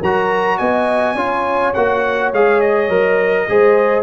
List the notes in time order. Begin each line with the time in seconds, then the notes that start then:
0.00 F#3 F#4 A#4 A#5
0.58 B3 D#5 G#5
1.15 C#4 F4 C#5
1.74 A#3 F#4 F#5
2.32 G#3 G#4 F5
2.60 D#5
2.89 F#3 A#4
3.48 G#3 G#4 C5